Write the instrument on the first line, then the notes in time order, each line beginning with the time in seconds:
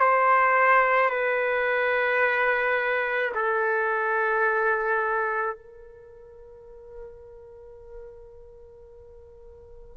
trumpet
0.00 C5
1.11 B4
3.35 A4
5.56 A#4